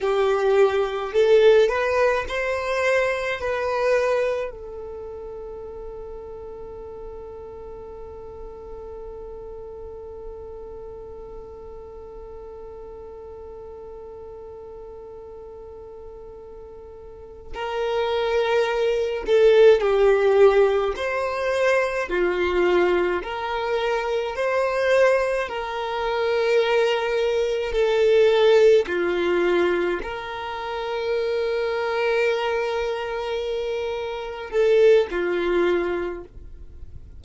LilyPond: \new Staff \with { instrumentName = "violin" } { \time 4/4 \tempo 4 = 53 g'4 a'8 b'8 c''4 b'4 | a'1~ | a'1~ | a'2.~ a'8 ais'8~ |
ais'4 a'8 g'4 c''4 f'8~ | f'8 ais'4 c''4 ais'4.~ | ais'8 a'4 f'4 ais'4.~ | ais'2~ ais'8 a'8 f'4 | }